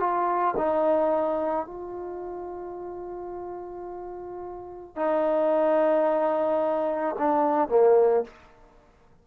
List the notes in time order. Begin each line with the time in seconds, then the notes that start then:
0.00 F4
0.57 D#4
1.67 F4
4.96 D#4
7.19 D4
7.69 A#3